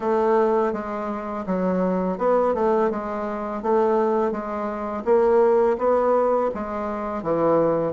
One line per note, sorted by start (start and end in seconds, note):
0.00 0.72 A3
0.72 1.45 G#3
1.46 2.18 F#3
2.18 2.54 B3
2.54 2.90 A3
2.90 3.62 G#3
3.62 4.31 A3
4.31 5.03 G#3
5.04 5.77 A#3
5.78 6.50 B3
6.54 7.23 G#3
7.23 7.93 E3